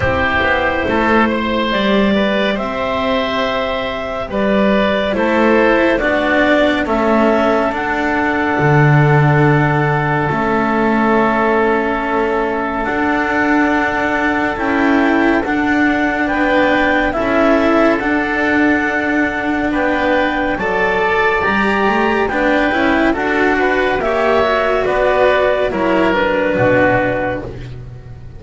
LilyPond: <<
  \new Staff \with { instrumentName = "clarinet" } { \time 4/4 \tempo 4 = 70 c''2 d''4 e''4~ | e''4 d''4 c''4 d''4 | e''4 fis''2. | e''2. fis''4~ |
fis''4 g''4 fis''4 g''4 | e''4 fis''2 g''4 | a''4 ais''4 g''4 fis''4 | e''4 d''4 cis''8 b'4. | }
  \new Staff \with { instrumentName = "oboe" } { \time 4/4 g'4 a'8 c''4 b'8 c''4~ | c''4 b'4 a'4 fis'4 | a'1~ | a'1~ |
a'2. b'4 | a'2. b'4 | d''2 b'4 a'8 b'8 | cis''4 b'4 ais'4 fis'4 | }
  \new Staff \with { instrumentName = "cello" } { \time 4/4 e'2 g'2~ | g'2 e'4 d'4 | cis'4 d'2. | cis'2. d'4~ |
d'4 e'4 d'2 | e'4 d'2. | a'4 g'4 d'8 e'8 fis'4 | g'8 fis'4. e'8 d'4. | }
  \new Staff \with { instrumentName = "double bass" } { \time 4/4 c'8 b8 a4 g4 c'4~ | c'4 g4 a4 b4 | a4 d'4 d2 | a2. d'4~ |
d'4 cis'4 d'4 b4 | cis'4 d'2 b4 | fis4 g8 a8 b8 cis'8 d'4 | ais4 b4 fis4 b,4 | }
>>